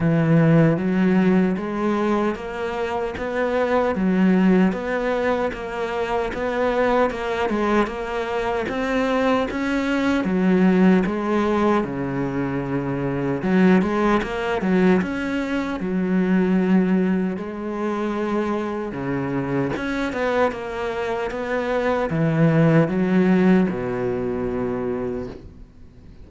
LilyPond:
\new Staff \with { instrumentName = "cello" } { \time 4/4 \tempo 4 = 76 e4 fis4 gis4 ais4 | b4 fis4 b4 ais4 | b4 ais8 gis8 ais4 c'4 | cis'4 fis4 gis4 cis4~ |
cis4 fis8 gis8 ais8 fis8 cis'4 | fis2 gis2 | cis4 cis'8 b8 ais4 b4 | e4 fis4 b,2 | }